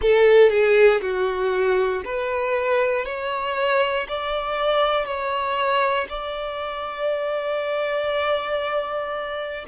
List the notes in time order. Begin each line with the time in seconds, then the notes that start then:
0.01 A4
0.49 G#4
1.01 F#4
2.04 B4
3.05 C#5
4.08 D5
5.05 C#5
6.09 D5